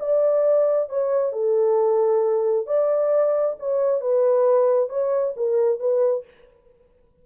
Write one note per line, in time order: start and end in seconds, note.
0.00 0.90 D5
0.90 1.33 C#5
1.33 2.67 A4
2.67 3.56 D5
3.59 4.01 C#5
4.01 4.89 B4
4.89 5.34 C#5
5.37 5.80 A#4
5.80 6.25 B4